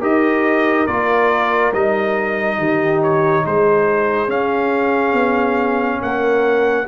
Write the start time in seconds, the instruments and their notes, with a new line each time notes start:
0.00 tuba D#4, trombone G4, horn A#4, trumpet D#5
0.87 tuba A#3, trombone F4, trumpet D5
1.73 tuba G3, trombone D#4, trumpet D#5
2.58 tuba D#3, horn G4
3.02 trumpet C#5
3.45 tuba G#3, horn G#4, trumpet C5
4.28 trombone C#4, tuba C#4, trumpet F5
5.13 tuba B3
6.02 tuba A#3, horn A#4, trumpet F#5